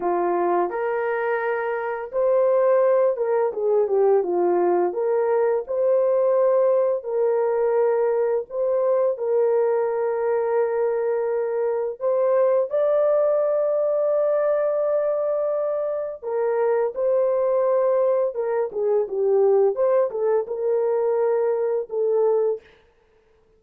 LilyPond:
\new Staff \with { instrumentName = "horn" } { \time 4/4 \tempo 4 = 85 f'4 ais'2 c''4~ | c''8 ais'8 gis'8 g'8 f'4 ais'4 | c''2 ais'2 | c''4 ais'2.~ |
ais'4 c''4 d''2~ | d''2. ais'4 | c''2 ais'8 gis'8 g'4 | c''8 a'8 ais'2 a'4 | }